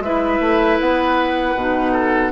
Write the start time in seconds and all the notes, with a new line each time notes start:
0.00 G#3 E4 B4 E5
0.40 A3
0.80 B3 F#5
1.55 B2 D#4
1.92 A4